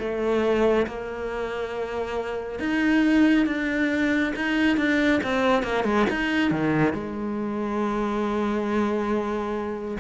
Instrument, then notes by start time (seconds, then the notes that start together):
cello
0.00 A3
0.87 A#3
2.60 D#4
3.47 D4
4.36 D#4
4.77 D4
5.24 C4
5.64 A#3
5.85 G#3
6.10 D#4
6.51 D#3
6.94 G#3